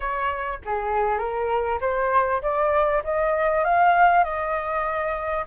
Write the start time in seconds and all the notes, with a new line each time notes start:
0.00 C#5
0.65 G#4
1.18 A#4
1.80 C5
2.42 D5
3.03 D#5
3.64 F5
4.24 D#5